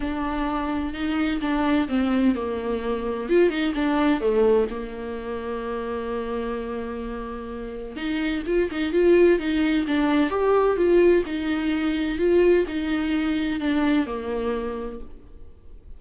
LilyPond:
\new Staff \with { instrumentName = "viola" } { \time 4/4 \tempo 4 = 128 d'2 dis'4 d'4 | c'4 ais2 f'8 dis'8 | d'4 a4 ais2~ | ais1~ |
ais4 dis'4 f'8 dis'8 f'4 | dis'4 d'4 g'4 f'4 | dis'2 f'4 dis'4~ | dis'4 d'4 ais2 | }